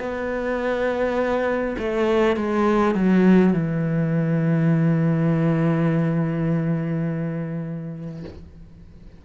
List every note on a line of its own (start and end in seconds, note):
0.00 1.76 B3
1.79 2.37 A3
2.37 2.95 G#3
2.95 3.53 F#3
3.53 8.24 E3